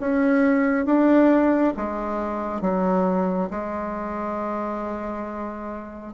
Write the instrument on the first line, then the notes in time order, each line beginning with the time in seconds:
bassoon
0.00 C#4
0.85 D4
1.77 G#3
2.61 F#3
3.51 G#3